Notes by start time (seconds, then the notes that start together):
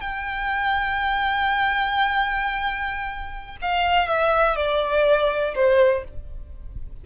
0.00 G5
3.61 F5
4.07 E5
4.56 D5
5.55 C5